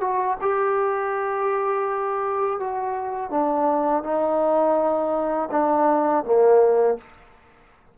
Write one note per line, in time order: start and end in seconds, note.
0.00 0.37 F#4
0.41 2.59 G4
2.59 3.30 F#4
3.30 4.03 D4
4.03 5.49 D#4
5.51 6.24 D4
6.24 6.97 A#3